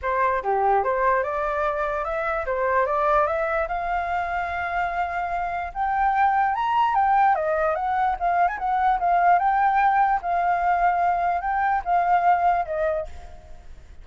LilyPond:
\new Staff \with { instrumentName = "flute" } { \time 4/4 \tempo 4 = 147 c''4 g'4 c''4 d''4~ | d''4 e''4 c''4 d''4 | e''4 f''2.~ | f''2 g''2 |
ais''4 g''4 dis''4 fis''4 | f''8. gis''16 fis''4 f''4 g''4~ | g''4 f''2. | g''4 f''2 dis''4 | }